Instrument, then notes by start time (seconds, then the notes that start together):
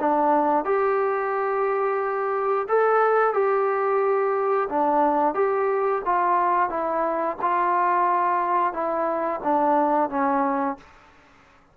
trombone
0.00 D4
0.65 G4
2.68 A4
3.33 G4
4.69 D4
5.34 G4
6.05 F4
6.69 E4
7.41 F4
8.73 E4
9.44 D4
10.10 C#4